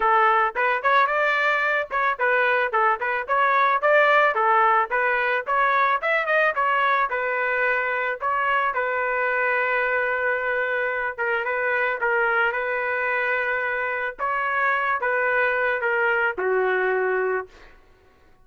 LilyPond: \new Staff \with { instrumentName = "trumpet" } { \time 4/4 \tempo 4 = 110 a'4 b'8 cis''8 d''4. cis''8 | b'4 a'8 b'8 cis''4 d''4 | a'4 b'4 cis''4 e''8 dis''8 | cis''4 b'2 cis''4 |
b'1~ | b'8 ais'8 b'4 ais'4 b'4~ | b'2 cis''4. b'8~ | b'4 ais'4 fis'2 | }